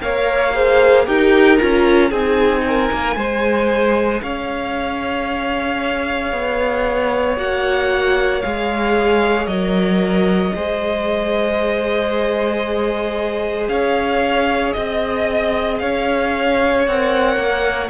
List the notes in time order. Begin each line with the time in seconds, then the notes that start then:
0.00 A#3 A#4 C#5 F5
0.54 G#4 C5
1.05 D#4 G4 A#4 G5
1.57 C#4 F4 A#5
2.09 C4 D#4 G#4 G#5
2.67 A#4
2.92 A#3
3.16 G#3 G#4 C5
4.21 C#4 C#5 F5
6.32 B3
7.37 A#3 F#4 F#5
8.41 G#3 G#4 F5
9.46 F#3 A#4 D#5
10.55 G#3 G#4 C5
13.68 C#4 C#5 F5
14.72 C4 D#5
15.78 C#4 C#5 F5
16.87 C4 A#4 F#5
17.36 A#3